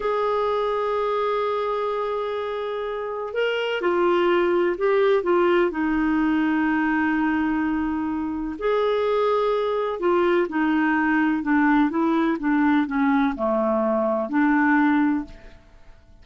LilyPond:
\new Staff \with { instrumentName = "clarinet" } { \time 4/4 \tempo 4 = 126 gis'1~ | gis'2. ais'4 | f'2 g'4 f'4 | dis'1~ |
dis'2 gis'2~ | gis'4 f'4 dis'2 | d'4 e'4 d'4 cis'4 | a2 d'2 | }